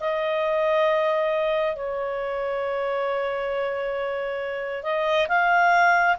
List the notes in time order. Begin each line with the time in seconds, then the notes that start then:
0.00 D#5
1.76 C#5
4.83 D#5
5.29 F5